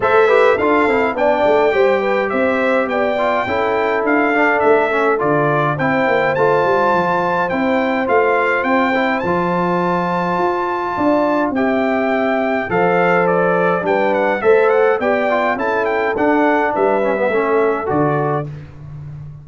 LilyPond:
<<
  \new Staff \with { instrumentName = "trumpet" } { \time 4/4 \tempo 4 = 104 e''4 f''4 g''2 | e''4 g''2 f''4 | e''4 d''4 g''4 a''4~ | a''4 g''4 f''4 g''4 |
a''1 | g''2 f''4 d''4 | g''8 fis''8 e''8 fis''8 g''4 a''8 g''8 | fis''4 e''2 d''4 | }
  \new Staff \with { instrumentName = "horn" } { \time 4/4 c''8 b'8 a'4 d''4 c''8 b'8 | c''4 d''4 a'2~ | a'2 c''2~ | c''1~ |
c''2. d''4 | e''2 c''2 | b'4 c''4 d''4 a'4~ | a'4 b'4 a'2 | }
  \new Staff \with { instrumentName = "trombone" } { \time 4/4 a'8 g'8 f'8 e'8 d'4 g'4~ | g'4. f'8 e'4. d'8~ | d'8 cis'8 f'4 e'4 f'4~ | f'4 e'4 f'4. e'8 |
f'1 | g'2 a'2 | d'4 a'4 g'8 f'8 e'4 | d'4. cis'16 b16 cis'4 fis'4 | }
  \new Staff \with { instrumentName = "tuba" } { \time 4/4 a4 d'8 c'8 b8 a8 g4 | c'4 b4 cis'4 d'4 | a4 d4 c'8 ais8 a8 g8 | f4 c'4 a4 c'4 |
f2 f'4 d'4 | c'2 f2 | g4 a4 b4 cis'4 | d'4 g4 a4 d4 | }
>>